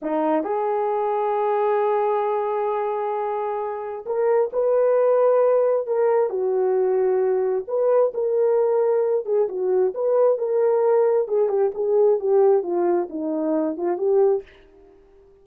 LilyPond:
\new Staff \with { instrumentName = "horn" } { \time 4/4 \tempo 4 = 133 dis'4 gis'2.~ | gis'1~ | gis'4 ais'4 b'2~ | b'4 ais'4 fis'2~ |
fis'4 b'4 ais'2~ | ais'8 gis'8 fis'4 b'4 ais'4~ | ais'4 gis'8 g'8 gis'4 g'4 | f'4 dis'4. f'8 g'4 | }